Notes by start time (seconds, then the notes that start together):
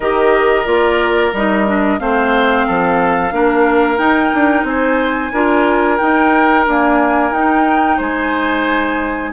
0.00 D#3 G4 A#4 D#5
0.65 A#3 F4 D5
1.32 G3 D#4 D#5
1.67 D4
1.99 A3 C4 C5 F5
2.66 F3 A4
3.31 A#3 D4 A#4
3.97 D#4 G5
4.34 D4
4.63 C4 C5 G#5
5.32 D4 F4 A#4
5.97 D#4 G5
6.66 A#3 D4 G#5
7.31 D#4 G5
7.97 G#3 C5 G#5